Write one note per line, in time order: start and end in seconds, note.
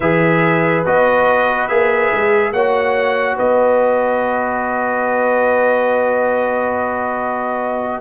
0.00 0.84 E3
0.00 0.85 G#4
0.00 2.52 B4
0.00 0.83 E5
0.85 1.69 B3
0.85 1.69 F#4
0.85 1.67 D#5
1.67 2.12 A#3
1.67 2.53 G#4
1.67 2.52 E5
2.12 2.52 G#3
2.52 3.36 A#3
2.52 8.01 F#4
2.52 3.36 C#5
2.52 3.37 F#5
3.36 8.01 B3
3.36 8.01 B4
3.36 8.01 D#5